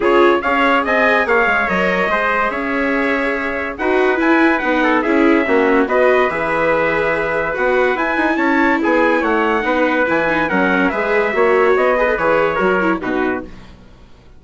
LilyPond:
<<
  \new Staff \with { instrumentName = "trumpet" } { \time 4/4 \tempo 4 = 143 cis''4 f''4 gis''4 f''4 | dis''2 e''2~ | e''4 fis''4 gis''4 fis''4 | e''2 dis''4 e''4~ |
e''2 fis''4 gis''4 | a''4 gis''4 fis''2 | gis''4 fis''4 e''2 | dis''4 cis''2 b'4 | }
  \new Staff \with { instrumentName = "trumpet" } { \time 4/4 gis'4 cis''4 dis''4 cis''4~ | cis''4 c''4 cis''2~ | cis''4 b'2~ b'8 a'8 | gis'4 fis'4 b'2~ |
b'1 | cis''4 gis'4 cis''4 b'4~ | b'4 ais'4 b'4 cis''4~ | cis''8 b'4. ais'4 fis'4 | }
  \new Staff \with { instrumentName = "viola" } { \time 4/4 f'4 gis'2. | ais'4 gis'2.~ | gis'4 fis'4 e'4 dis'4 | e'4 cis'4 fis'4 gis'4~ |
gis'2 fis'4 e'4~ | e'2. dis'4 | e'8 dis'8 cis'4 gis'4 fis'4~ | fis'8 gis'16 a'16 gis'4 fis'8 e'8 dis'4 | }
  \new Staff \with { instrumentName = "bassoon" } { \time 4/4 cis4 cis'4 c'4 ais8 gis8 | fis4 gis4 cis'2~ | cis'4 dis'4 e'4 b4 | cis'4 ais4 b4 e4~ |
e2 b4 e'8 dis'8 | cis'4 b4 a4 b4 | e4 fis4 gis4 ais4 | b4 e4 fis4 b,4 | }
>>